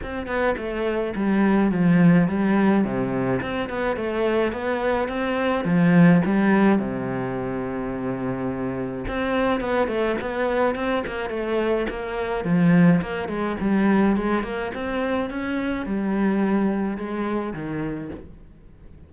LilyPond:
\new Staff \with { instrumentName = "cello" } { \time 4/4 \tempo 4 = 106 c'8 b8 a4 g4 f4 | g4 c4 c'8 b8 a4 | b4 c'4 f4 g4 | c1 |
c'4 b8 a8 b4 c'8 ais8 | a4 ais4 f4 ais8 gis8 | g4 gis8 ais8 c'4 cis'4 | g2 gis4 dis4 | }